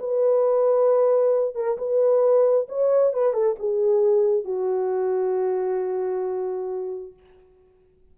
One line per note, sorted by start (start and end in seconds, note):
0.00 1.55 B4
1.55 1.78 A#4
1.78 2.68 B4
2.69 3.14 C#5
3.14 3.34 B4
3.34 3.56 A4
3.60 4.45 G#4
4.45 7.14 F#4